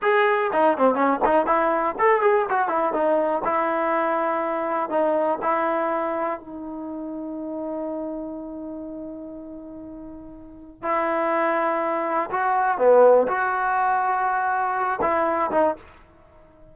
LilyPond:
\new Staff \with { instrumentName = "trombone" } { \time 4/4 \tempo 4 = 122 gis'4 dis'8 c'8 cis'8 dis'8 e'4 | a'8 gis'8 fis'8 e'8 dis'4 e'4~ | e'2 dis'4 e'4~ | e'4 dis'2.~ |
dis'1~ | dis'2 e'2~ | e'4 fis'4 b4 fis'4~ | fis'2~ fis'8 e'4 dis'8 | }